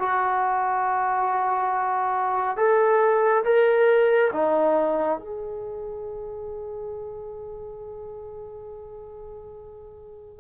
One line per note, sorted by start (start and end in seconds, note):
0.00 2.57 F#4
2.57 3.44 A4
3.45 4.32 A#4
4.33 5.19 D#4
5.19 10.40 G#4